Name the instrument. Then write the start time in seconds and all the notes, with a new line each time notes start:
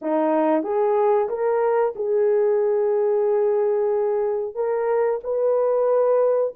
horn
0.01 D#4
0.63 G#4
1.28 A#4
1.95 G#4
4.54 A#4
5.23 B4